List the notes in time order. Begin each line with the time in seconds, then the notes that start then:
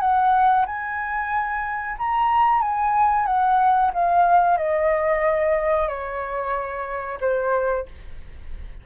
0.00 F#5
0.66 G#5
1.98 A#5
2.61 G#5
3.26 F#5
3.93 F5
4.57 D#5
5.88 C#5
7.20 C5